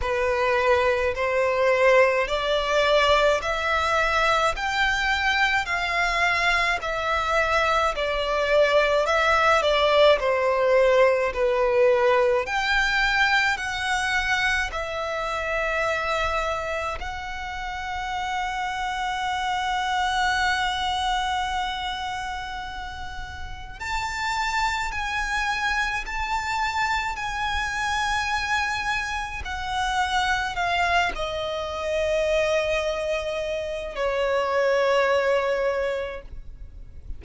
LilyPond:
\new Staff \with { instrumentName = "violin" } { \time 4/4 \tempo 4 = 53 b'4 c''4 d''4 e''4 | g''4 f''4 e''4 d''4 | e''8 d''8 c''4 b'4 g''4 | fis''4 e''2 fis''4~ |
fis''1~ | fis''4 a''4 gis''4 a''4 | gis''2 fis''4 f''8 dis''8~ | dis''2 cis''2 | }